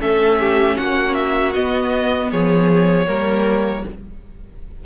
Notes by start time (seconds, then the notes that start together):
0.00 A3 C#4 A4 E5
0.39 G4
0.77 A#3 F#4 F#5
1.14 E5
1.54 B3 D#5
2.29 F3 G#4 C#5
3.06 G3 A#3 A#4